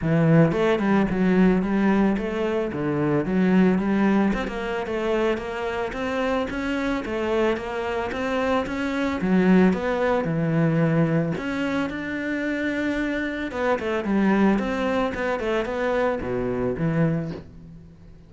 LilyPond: \new Staff \with { instrumentName = "cello" } { \time 4/4 \tempo 4 = 111 e4 a8 g8 fis4 g4 | a4 d4 fis4 g4 | c'16 ais8. a4 ais4 c'4 | cis'4 a4 ais4 c'4 |
cis'4 fis4 b4 e4~ | e4 cis'4 d'2~ | d'4 b8 a8 g4 c'4 | b8 a8 b4 b,4 e4 | }